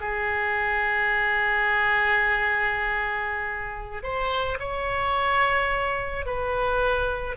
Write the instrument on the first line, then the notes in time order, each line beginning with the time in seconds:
oboe
0.00 G#4
4.03 C5
4.59 C#5
6.26 B4